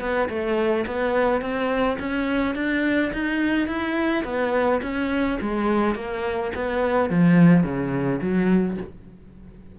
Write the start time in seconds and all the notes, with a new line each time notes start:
0.00 B3
0.29 A3
0.86 B3
1.41 C4
1.99 C#4
2.55 D4
3.13 D#4
3.67 E4
4.24 B3
4.82 C#4
5.41 G#3
5.95 A#3
6.55 B3
7.10 F3
7.63 C#3
8.21 F#3